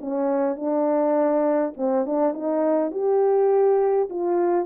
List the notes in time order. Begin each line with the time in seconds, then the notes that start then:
0.00 C#4
0.56 D4
1.77 C4
2.06 D4
2.33 D#4
2.91 G4
4.09 F4